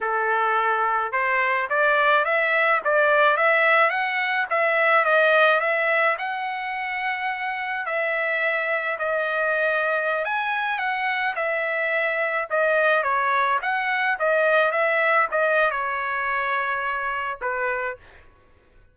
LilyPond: \new Staff \with { instrumentName = "trumpet" } { \time 4/4 \tempo 4 = 107 a'2 c''4 d''4 | e''4 d''4 e''4 fis''4 | e''4 dis''4 e''4 fis''4~ | fis''2 e''2 |
dis''2~ dis''16 gis''4 fis''8.~ | fis''16 e''2 dis''4 cis''8.~ | cis''16 fis''4 dis''4 e''4 dis''8. | cis''2. b'4 | }